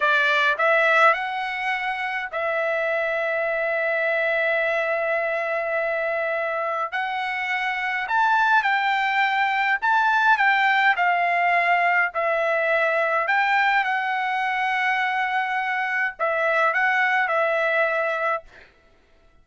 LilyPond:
\new Staff \with { instrumentName = "trumpet" } { \time 4/4 \tempo 4 = 104 d''4 e''4 fis''2 | e''1~ | e''1 | fis''2 a''4 g''4~ |
g''4 a''4 g''4 f''4~ | f''4 e''2 g''4 | fis''1 | e''4 fis''4 e''2 | }